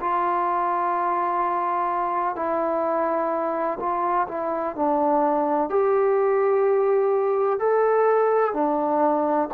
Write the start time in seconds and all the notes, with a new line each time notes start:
0.00 F4
2.35 E4
3.79 F4
4.28 E4
4.75 D4
5.69 G4
7.59 A4
8.53 D4